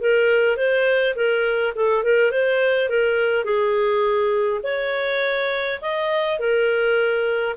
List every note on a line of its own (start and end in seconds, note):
0.00 0.56 A#4
0.56 1.15 C5
1.15 1.73 A#4
1.75 2.03 A4
2.03 2.31 A#4
2.31 2.89 C5
2.89 3.44 A#4
3.44 4.60 G#4
4.63 5.80 C#5
5.81 6.39 D#5
6.39 7.55 A#4